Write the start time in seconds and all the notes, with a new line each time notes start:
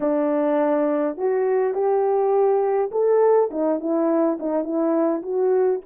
0.00 D4
1.17 F#4
1.74 G4
2.91 A4
3.50 D#4
3.80 E4
4.39 D#4
4.63 E4
5.22 F#4